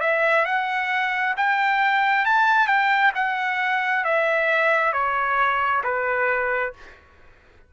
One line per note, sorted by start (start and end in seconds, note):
0.00 0.45 E5
0.45 1.34 F#5
1.36 2.25 G5
2.25 2.67 A5
2.67 3.11 G5
3.15 4.04 F#5
4.04 4.93 E5
4.93 5.82 C#5
5.83 6.73 B4